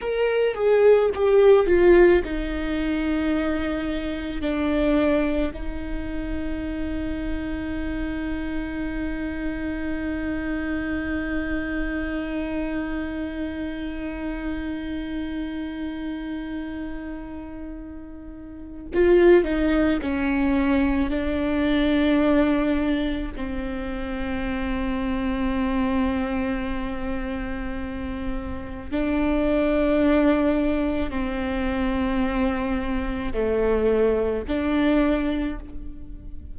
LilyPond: \new Staff \with { instrumentName = "viola" } { \time 4/4 \tempo 4 = 54 ais'8 gis'8 g'8 f'8 dis'2 | d'4 dis'2.~ | dis'1~ | dis'1~ |
dis'4 f'8 dis'8 cis'4 d'4~ | d'4 c'2.~ | c'2 d'2 | c'2 a4 d'4 | }